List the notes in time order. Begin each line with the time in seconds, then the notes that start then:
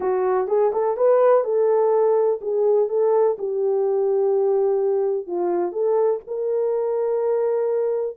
0.00 F#4
0.47 G#4
0.72 A4
0.96 B4
1.44 A4
2.41 G#4
2.88 A4
3.38 G4
5.26 F4
5.72 A4
6.27 A#4